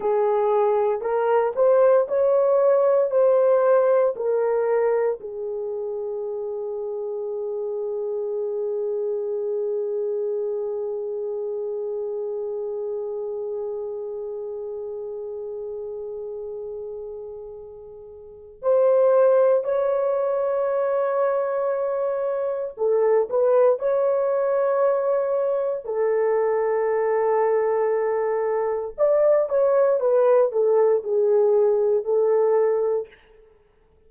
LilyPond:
\new Staff \with { instrumentName = "horn" } { \time 4/4 \tempo 4 = 58 gis'4 ais'8 c''8 cis''4 c''4 | ais'4 gis'2.~ | gis'1~ | gis'1~ |
gis'2 c''4 cis''4~ | cis''2 a'8 b'8 cis''4~ | cis''4 a'2. | d''8 cis''8 b'8 a'8 gis'4 a'4 | }